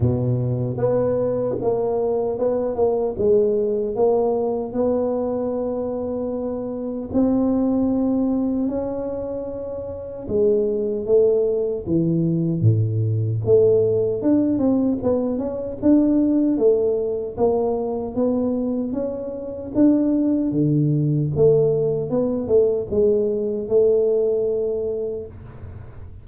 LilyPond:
\new Staff \with { instrumentName = "tuba" } { \time 4/4 \tempo 4 = 76 b,4 b4 ais4 b8 ais8 | gis4 ais4 b2~ | b4 c'2 cis'4~ | cis'4 gis4 a4 e4 |
a,4 a4 d'8 c'8 b8 cis'8 | d'4 a4 ais4 b4 | cis'4 d'4 d4 a4 | b8 a8 gis4 a2 | }